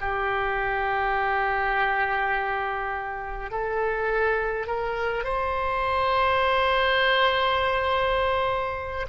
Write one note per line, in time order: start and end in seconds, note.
0.00 3.51 G4
3.51 4.67 A4
4.67 5.24 A#4
5.24 9.06 C5